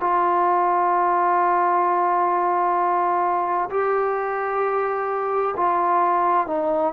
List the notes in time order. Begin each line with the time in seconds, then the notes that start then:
0.00 F4
3.70 G4
5.57 F4
6.47 D#4